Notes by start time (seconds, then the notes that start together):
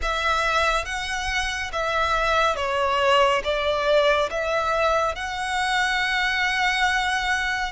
0.02 E5
0.85 F#5
1.72 E5
2.56 C#5
3.44 D5
4.30 E5
5.15 F#5